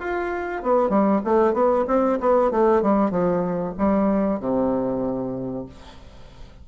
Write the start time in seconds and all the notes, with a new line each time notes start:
0.00 F4
0.63 B3
0.90 G3
1.25 A3
1.54 B3
1.88 C4
2.20 B3
2.51 A3
2.82 G3
3.11 F3
3.78 G3
4.40 C3